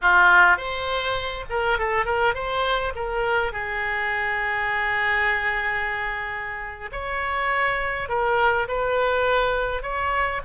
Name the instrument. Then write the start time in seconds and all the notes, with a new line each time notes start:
oboe
0.01 F4
0.57 C5
1.49 A#4
1.78 A4
2.05 A#4
2.34 C5
2.95 A#4
3.52 G#4
6.92 C#5
8.08 A#4
8.67 B4
9.82 C#5